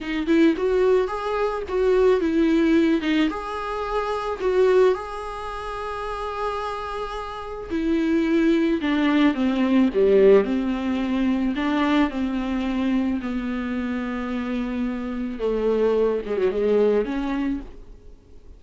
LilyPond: \new Staff \with { instrumentName = "viola" } { \time 4/4 \tempo 4 = 109 dis'8 e'8 fis'4 gis'4 fis'4 | e'4. dis'8 gis'2 | fis'4 gis'2.~ | gis'2 e'2 |
d'4 c'4 g4 c'4~ | c'4 d'4 c'2 | b1 | a4. gis16 fis16 gis4 cis'4 | }